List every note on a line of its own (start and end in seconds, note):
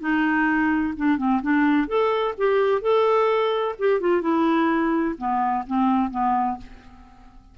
0.00 0.94 D#4
0.97 1.17 D4
1.17 1.41 C4
1.42 1.87 D4
1.87 2.34 A4
2.37 2.81 G4
2.81 3.75 A4
3.78 4.00 G4
4.00 4.21 F4
4.21 5.15 E4
5.18 5.64 B3
5.66 6.10 C4
6.10 6.57 B3